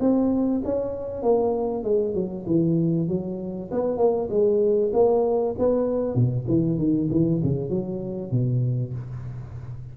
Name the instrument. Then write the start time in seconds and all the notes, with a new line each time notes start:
tuba
0.00 C4
0.64 C#4
1.23 A#3
1.83 G#3
2.14 F#3
2.47 E3
3.08 F#3
3.71 B3
3.97 A#3
4.30 G#3
4.93 A#3
5.58 B3
6.15 B2
6.48 E3
6.78 D#3
7.11 E3
7.43 C#3
7.70 F#3
8.31 B2